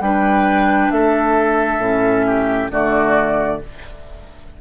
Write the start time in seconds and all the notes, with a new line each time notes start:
0.00 G3 D4 B4 G5
0.91 A3 A4 E5
1.78 A2 C#4
2.26 G4
2.70 D3 A3 F#4 D5